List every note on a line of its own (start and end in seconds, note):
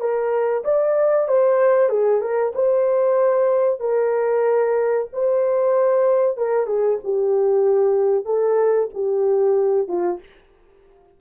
0.00 0.64 A#4
0.64 1.28 D5
1.28 1.89 C5
1.89 2.21 G#4
2.21 2.53 A#4
2.55 3.80 C5
3.80 5.08 A#4
5.13 6.37 C5
6.37 6.66 A#4
6.66 6.98 G#4
7.04 8.25 G4
8.25 8.89 A4
8.94 9.88 G4
9.88 10.20 F4